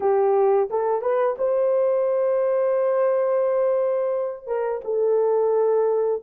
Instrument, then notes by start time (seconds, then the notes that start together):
horn
0.00 G4
0.70 A4
1.01 B4
1.38 C5
4.46 A#4
4.84 A4